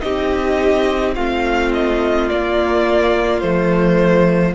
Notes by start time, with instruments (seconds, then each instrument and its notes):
0.00 cello C4, viola D#4, violin G4 D#5
1.14 cello A3, viola C4, violin F4 F5
1.72 violin D#5
2.29 viola A#3, cello A#3, violin D5
3.40 cello F3, viola A3, violin C5